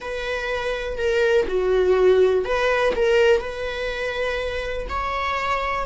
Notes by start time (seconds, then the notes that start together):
0.00 B4
0.97 A#4
1.47 F#4
2.45 B4
2.95 A#4
3.40 B4
4.89 C#5